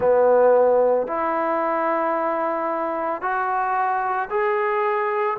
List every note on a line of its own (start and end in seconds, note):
0.00 1.07 B3
1.07 3.21 E4
3.21 4.29 F#4
4.30 5.37 G#4